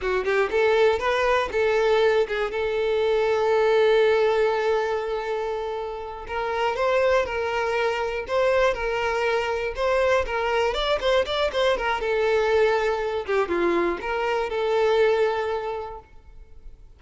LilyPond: \new Staff \with { instrumentName = "violin" } { \time 4/4 \tempo 4 = 120 fis'8 g'8 a'4 b'4 a'4~ | a'8 gis'8 a'2.~ | a'1~ | a'8 ais'4 c''4 ais'4.~ |
ais'8 c''4 ais'2 c''8~ | c''8 ais'4 d''8 c''8 d''8 c''8 ais'8 | a'2~ a'8 g'8 f'4 | ais'4 a'2. | }